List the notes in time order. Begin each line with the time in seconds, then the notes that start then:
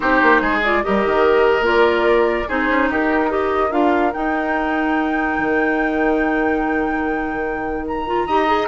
0.00 C4 D#4 G4 C5
0.22 A#3
0.41 G#3 G#4
0.63 F4 D5
0.83 G3 G4 A#4 D#5
1.04 D#3
1.59 G3 A#3 F4
1.66 D5
2.48 C4 D#4 G#4 C5
2.68 C#4
2.89 D#4 G4 A#4
3.28 G4 A#4 D#5
3.70 D4 F4 F5
4.13 D#4 G5
5.38 D#3
7.87 A#5
8.06 F4
8.26 D#4 G4 D#5
8.46 G#4